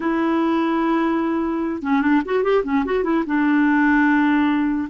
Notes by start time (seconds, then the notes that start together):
0.00 E4
1.82 C#4
2.01 D4
2.25 F#4
2.43 G4
2.64 C#4
2.85 F#4
3.03 E4
3.26 D4